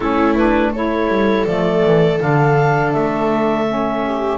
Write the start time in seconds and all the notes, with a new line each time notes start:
0.00 A3 C#4 E4 A4
0.35 D4 B4
0.72 E4 A4 C#5
1.08 G3
1.45 F3 A3 D5
1.84 E3
2.19 D3 D4 F5
2.92 A3 E5
3.67 C#4
4.05 G4